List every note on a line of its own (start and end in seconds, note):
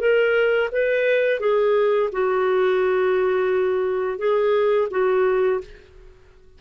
0.00 0.70 A#4
0.72 1.40 B4
1.40 2.10 G#4
2.13 4.19 F#4
4.19 4.89 G#4
4.91 5.61 F#4